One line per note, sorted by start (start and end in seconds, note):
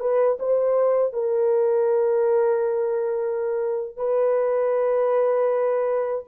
0.00 0.38 B4
0.40 1.14 C5
1.14 3.97 A#4
3.97 6.25 B4